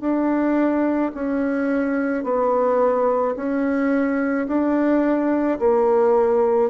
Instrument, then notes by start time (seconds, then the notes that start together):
bassoon
0.00 D4
1.15 C#4
2.24 B3
3.36 C#4
4.47 D4
5.59 A#3